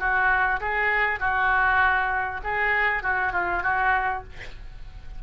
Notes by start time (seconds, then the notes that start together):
0.00 F#4
0.61 G#4
1.20 F#4
2.44 G#4
3.03 F#4
3.33 F4
3.63 F#4